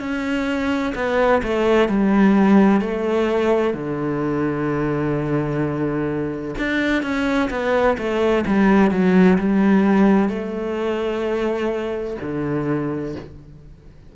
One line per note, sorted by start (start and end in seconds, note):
0.00 0.94 C#4
0.95 1.42 B3
1.43 1.89 A3
1.89 2.82 G3
2.82 3.74 A3
3.74 6.55 D3
6.58 7.03 D4
7.03 7.50 C#4
7.50 7.97 B3
7.98 8.45 A3
8.47 8.91 G3
8.91 9.38 F#3
9.39 10.30 G3
10.30 12.17 A3
12.22 13.16 D3